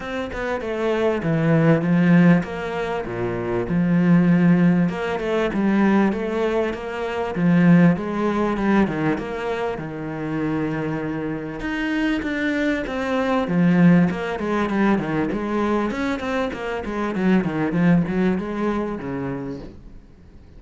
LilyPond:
\new Staff \with { instrumentName = "cello" } { \time 4/4 \tempo 4 = 98 c'8 b8 a4 e4 f4 | ais4 ais,4 f2 | ais8 a8 g4 a4 ais4 | f4 gis4 g8 dis8 ais4 |
dis2. dis'4 | d'4 c'4 f4 ais8 gis8 | g8 dis8 gis4 cis'8 c'8 ais8 gis8 | fis8 dis8 f8 fis8 gis4 cis4 | }